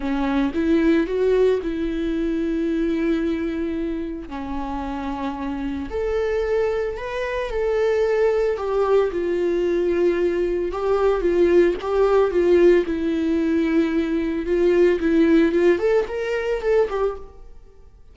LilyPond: \new Staff \with { instrumentName = "viola" } { \time 4/4 \tempo 4 = 112 cis'4 e'4 fis'4 e'4~ | e'1 | cis'2. a'4~ | a'4 b'4 a'2 |
g'4 f'2. | g'4 f'4 g'4 f'4 | e'2. f'4 | e'4 f'8 a'8 ais'4 a'8 g'8 | }